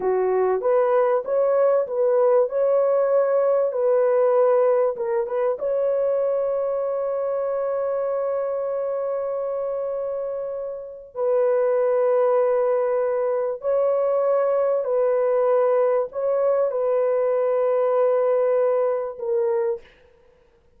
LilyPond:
\new Staff \with { instrumentName = "horn" } { \time 4/4 \tempo 4 = 97 fis'4 b'4 cis''4 b'4 | cis''2 b'2 | ais'8 b'8 cis''2.~ | cis''1~ |
cis''2 b'2~ | b'2 cis''2 | b'2 cis''4 b'4~ | b'2. ais'4 | }